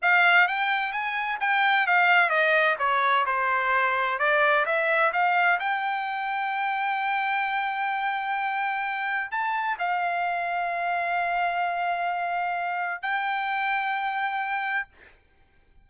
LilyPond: \new Staff \with { instrumentName = "trumpet" } { \time 4/4 \tempo 4 = 129 f''4 g''4 gis''4 g''4 | f''4 dis''4 cis''4 c''4~ | c''4 d''4 e''4 f''4 | g''1~ |
g''1 | a''4 f''2.~ | f''1 | g''1 | }